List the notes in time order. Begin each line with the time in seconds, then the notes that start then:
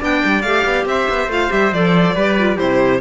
0.00 B3 D4 D5 G5
0.25 G3
0.42 A3 G4 F5
0.66 B3
0.86 C4 C5 E5
1.10 B3
1.28 A3 F4 F5
1.50 G3 G4 E5
1.73 F3 A4 D5
2.15 G3 G4 B4
2.39 F4
2.57 C3 E4 G4 C5